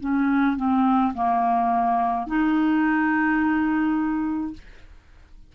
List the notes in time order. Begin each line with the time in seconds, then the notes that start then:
0.00 C#4
0.57 C4
1.14 A#3
2.26 D#4